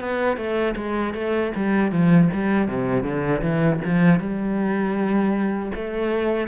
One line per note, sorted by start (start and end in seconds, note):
0.00 0.37 B3
0.37 0.75 A3
0.76 1.14 G#3
1.14 1.52 A3
1.56 1.92 G3
1.92 2.30 F3
2.33 2.68 G3
2.68 3.03 C3
3.03 3.41 D3
3.42 3.80 E3
3.85 4.20 F3
4.20 5.72 G3
5.75 6.48 A3